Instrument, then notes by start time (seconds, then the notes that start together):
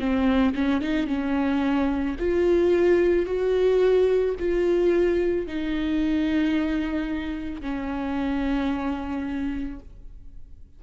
viola
0.00 C4
0.55 C#4
0.82 D#4
1.08 C#4
2.20 F4
3.27 F#4
4.39 F4
5.47 D#4
7.62 C#4